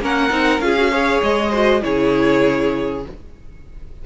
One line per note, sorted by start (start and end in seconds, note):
0.00 0.30 A#3
0.00 0.30 C#4
0.00 0.64 A#4
0.00 0.60 F#5
0.30 0.60 C4
0.30 0.60 D#4
0.60 1.20 C#4
0.60 0.76 F4
0.60 0.92 G#4
0.60 1.21 F5
0.77 0.91 F#4
0.91 1.52 G#4
0.91 1.50 C#5
1.22 1.83 G#3
1.22 1.83 D#5
1.50 1.82 F#4
1.50 1.80 C5
1.82 3.05 C#3
1.82 3.03 E4
1.82 3.05 G#4
1.82 3.04 C#5